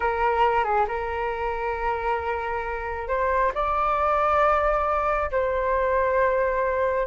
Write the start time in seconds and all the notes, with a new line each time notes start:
0.00 A#4
0.64 G#4
0.87 A#4
3.08 C5
3.54 D5
5.31 C5